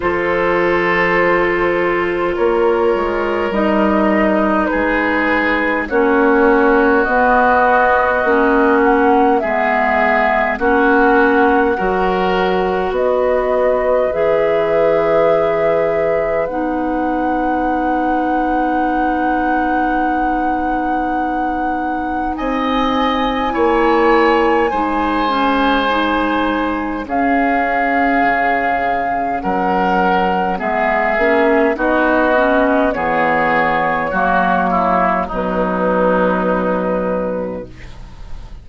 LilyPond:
<<
  \new Staff \with { instrumentName = "flute" } { \time 4/4 \tempo 4 = 51 c''2 cis''4 dis''4 | b'4 cis''4 dis''4. fis''8 | e''4 fis''2 dis''4 | e''2 fis''2~ |
fis''2. gis''4~ | gis''2. f''4~ | f''4 fis''4 e''4 dis''4 | cis''2 b'2 | }
  \new Staff \with { instrumentName = "oboe" } { \time 4/4 a'2 ais'2 | gis'4 fis'2. | gis'4 fis'4 ais'4 b'4~ | b'1~ |
b'2. dis''4 | cis''4 c''2 gis'4~ | gis'4 ais'4 gis'4 fis'4 | gis'4 fis'8 e'8 dis'2 | }
  \new Staff \with { instrumentName = "clarinet" } { \time 4/4 f'2. dis'4~ | dis'4 cis'4 b4 cis'4 | b4 cis'4 fis'2 | gis'2 dis'2~ |
dis'1 | e'4 dis'8 cis'8 dis'4 cis'4~ | cis'2 b8 cis'8 dis'8 cis'8 | b4 ais4 fis2 | }
  \new Staff \with { instrumentName = "bassoon" } { \time 4/4 f2 ais8 gis8 g4 | gis4 ais4 b4 ais4 | gis4 ais4 fis4 b4 | e2 b2~ |
b2. c'4 | ais4 gis2 cis'4 | cis4 fis4 gis8 ais8 b4 | e4 fis4 b,2 | }
>>